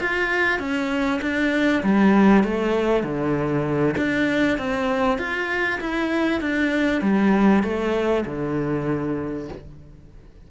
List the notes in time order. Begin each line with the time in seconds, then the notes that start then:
0.00 F4
0.59 C#4
1.21 D4
1.83 G3
2.44 A3
3.03 D3
3.97 D4
4.58 C4
5.18 F4
5.80 E4
6.41 D4
7.02 G3
7.63 A3
8.25 D3